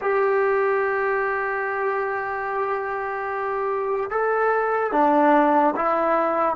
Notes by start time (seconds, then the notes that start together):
0.01 G4
4.10 A4
4.92 D4
5.76 E4